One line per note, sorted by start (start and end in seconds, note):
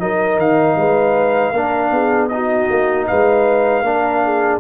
0.00 0.38 F#3
0.00 1.54 D#4
0.00 0.78 A#4
0.00 0.39 D#5
0.38 0.76 D#3
0.38 2.29 F5
0.76 1.53 G#3
0.76 1.53 B4
1.53 1.91 A#3
1.53 2.31 D4
1.53 1.92 A#4
1.91 2.68 B3
1.91 2.31 G#4
2.29 3.85 D#4
2.29 3.08 F#4
2.29 3.05 D#5
2.70 3.08 A#3
3.07 3.82 G#3
3.07 3.85 B4
3.07 4.60 F5
3.82 4.59 A#3
3.82 4.60 D4
3.82 4.25 A#4
4.25 4.60 G#4